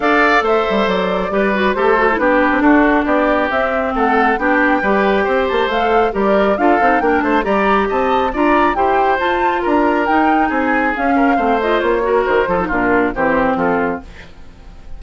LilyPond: <<
  \new Staff \with { instrumentName = "flute" } { \time 4/4 \tempo 4 = 137 f''4 e''4 d''2 | c''4 b'4 a'4 d''4 | e''4 fis''4 g''2~ | g''8 a''8 f''4 d''4 f''4 |
g''8 a''8 ais''4 a''4 ais''4 | g''4 a''4 ais''4 g''4 | gis''4 f''4. dis''8 cis''4 | c''4 ais'4 c''4 a'4 | }
  \new Staff \with { instrumentName = "oboe" } { \time 4/4 d''4 c''2 b'4 | a'4 g'4 fis'4 g'4~ | g'4 a'4 g'4 b'4 | c''2 ais'4 a'4 |
ais'8 c''8 d''4 dis''4 d''4 | c''2 ais'2 | gis'4. ais'8 c''4. ais'8~ | ais'8 a'8 f'4 g'4 f'4 | }
  \new Staff \with { instrumentName = "clarinet" } { \time 4/4 a'2. g'8 fis'8 | g'8 fis'16 e'16 d'2. | c'2 d'4 g'4~ | g'4 a'4 g'4 f'8 dis'8 |
d'4 g'2 f'4 | g'4 f'2 dis'4~ | dis'4 cis'4 c'8 f'4 fis'8~ | fis'8 f'16 dis'16 d'4 c'2 | }
  \new Staff \with { instrumentName = "bassoon" } { \time 4/4 d'4 a8 g8 fis4 g4 | a4 b8. c'16 d'4 b4 | c'4 a4 b4 g4 | c'8 ais8 a4 g4 d'8 c'8 |
ais8 a8 g4 c'4 d'4 | e'4 f'4 d'4 dis'4 | c'4 cis'4 a4 ais4 | dis8 f8 ais,4 e4 f4 | }
>>